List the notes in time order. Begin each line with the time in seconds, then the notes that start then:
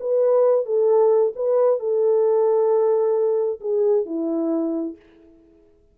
0.00 B4
0.66 A4
1.36 B4
1.80 A4
3.60 G#4
4.06 E4